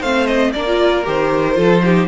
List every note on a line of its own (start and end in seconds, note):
0.00 0.54 A3
0.00 0.54 C4
0.00 0.51 C5
0.00 0.26 F5
0.26 0.51 D#5
0.52 1.06 A#3
0.52 0.66 D4
0.52 1.57 A#4
0.52 1.04 D5
0.66 1.03 F4
1.03 1.57 D#3
1.03 1.54 G4
1.03 2.07 C5
1.54 2.07 F3
1.54 1.79 F4
1.54 1.82 A4
1.83 2.07 D#4
1.83 2.07 G4